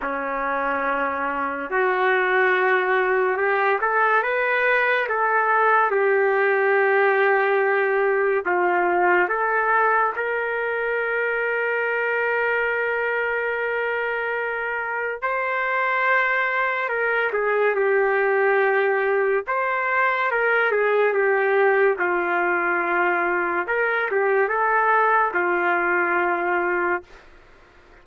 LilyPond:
\new Staff \with { instrumentName = "trumpet" } { \time 4/4 \tempo 4 = 71 cis'2 fis'2 | g'8 a'8 b'4 a'4 g'4~ | g'2 f'4 a'4 | ais'1~ |
ais'2 c''2 | ais'8 gis'8 g'2 c''4 | ais'8 gis'8 g'4 f'2 | ais'8 g'8 a'4 f'2 | }